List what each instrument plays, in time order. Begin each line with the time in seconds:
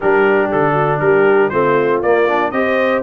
0.00 tuba G3, trombone D4, horn G4, trumpet A#4
0.51 tuba D3, trumpet A4
0.73 horn F#4
0.99 tuba G3, horn G4, trumpet A#4
1.49 tuba A3, trombone C4, horn F4, trumpet C5
2.02 tuba A#3, trombone A#3, trumpet D5
2.28 trombone D4
2.51 tuba C4, trombone G4, horn C5, trumpet D#5